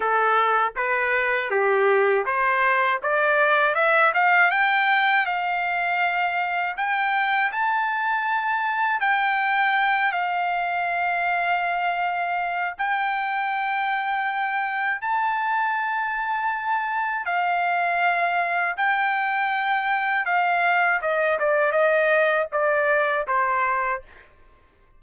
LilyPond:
\new Staff \with { instrumentName = "trumpet" } { \time 4/4 \tempo 4 = 80 a'4 b'4 g'4 c''4 | d''4 e''8 f''8 g''4 f''4~ | f''4 g''4 a''2 | g''4. f''2~ f''8~ |
f''4 g''2. | a''2. f''4~ | f''4 g''2 f''4 | dis''8 d''8 dis''4 d''4 c''4 | }